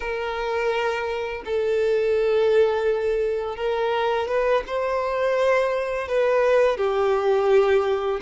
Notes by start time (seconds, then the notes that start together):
0.00 A#4
1.45 A4
3.56 A#4
4.28 B4
4.66 C5
6.08 B4
6.77 G4